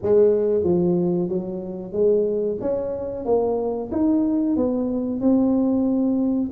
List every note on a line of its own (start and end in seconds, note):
0.02 0.63 G#3
0.63 1.28 F3
1.28 1.92 F#3
1.92 2.57 G#3
2.61 3.25 C#4
3.25 3.90 A#3
3.91 4.56 D#4
4.56 5.20 B3
5.20 6.50 C4